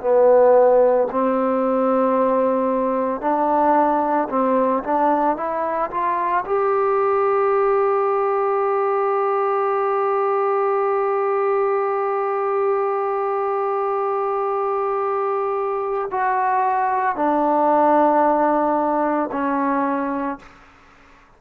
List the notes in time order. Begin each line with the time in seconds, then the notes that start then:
0.00 B3
1.11 C4
3.20 D4
4.29 C4
4.83 D4
5.36 E4
5.90 F4
6.45 G4
16.11 F#4
17.15 D4
19.31 C#4